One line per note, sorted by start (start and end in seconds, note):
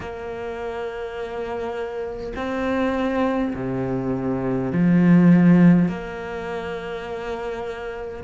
0.00 2.33 A#3
2.36 3.53 C4
3.55 4.72 C3
4.72 5.88 F3
5.88 8.24 A#3